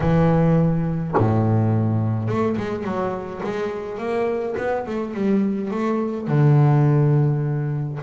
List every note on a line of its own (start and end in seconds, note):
0.00 1.14 E3
1.17 2.28 A2
2.28 2.56 A3
2.57 2.84 G#3
2.84 3.41 F#3
3.43 3.98 G#3
3.98 4.55 A#3
4.57 4.86 B3
4.86 5.14 A3
5.14 5.70 G3
5.70 6.27 A3
6.27 7.99 D3